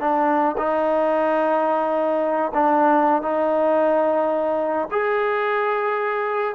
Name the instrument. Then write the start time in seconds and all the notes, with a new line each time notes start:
trombone
0.00 D4
0.57 D#4
2.54 D4
3.22 D#4
4.91 G#4